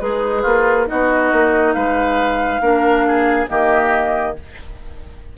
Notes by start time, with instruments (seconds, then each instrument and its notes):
0.00 bassoon G#3, oboe D#4, clarinet G#4, flute B4
0.42 bassoon A#3, oboe F4
0.87 bassoon B3, clarinet D#4, oboe F#4, flute D#5
1.33 bassoon A#3
1.73 bassoon G#3, oboe B4, flute F5
2.61 bassoon A#3, clarinet D4, oboe A#4
3.07 oboe G#4
3.48 bassoon D#3, clarinet A#3, oboe G4, flute D#5